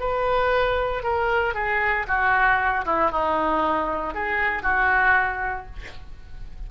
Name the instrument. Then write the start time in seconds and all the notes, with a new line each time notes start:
oboe
0.00 B4
1.03 A#4
1.54 G#4
2.08 F#4
2.85 E4
3.11 D#4
4.14 G#4
4.63 F#4